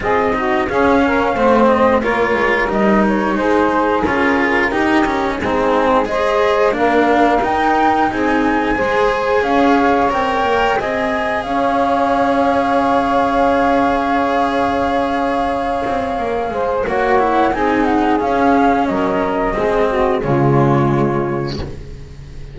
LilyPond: <<
  \new Staff \with { instrumentName = "flute" } { \time 4/4 \tempo 4 = 89 dis''4 f''4. dis''8 cis''4 | dis''8 cis''8 c''4 ais'2 | gis'4 dis''4 f''4 g''4 | gis''2 f''4 g''4 |
gis''4 f''2.~ | f''1~ | f''4 fis''4 gis''8 fis''8 f''4 | dis''2 cis''2 | }
  \new Staff \with { instrumentName = "saxophone" } { \time 4/4 gis'8 fis'8 gis'8 ais'8 c''4 ais'4~ | ais'4 gis'2 g'4 | dis'4 c''4 ais'2 | gis'4 c''4 cis''2 |
dis''4 cis''2.~ | cis''1~ | cis''8 c''8 cis''4 gis'2 | ais'4 gis'8 fis'8 f'2 | }
  \new Staff \with { instrumentName = "cello" } { \time 4/4 f'8 dis'8 cis'4 c'4 f'4 | dis'2 f'4 dis'8 cis'8 | c'4 gis'4 d'4 dis'4~ | dis'4 gis'2 ais'4 |
gis'1~ | gis'1~ | gis'4 fis'8 e'8 dis'4 cis'4~ | cis'4 c'4 gis2 | }
  \new Staff \with { instrumentName = "double bass" } { \time 4/4 c'4 cis'4 a4 ais8 gis8 | g4 gis4 cis'4 dis'4 | gis2 ais4 dis'4 | c'4 gis4 cis'4 c'8 ais8 |
c'4 cis'2.~ | cis'2.~ cis'8 c'8 | ais8 gis8 ais4 c'4 cis'4 | fis4 gis4 cis2 | }
>>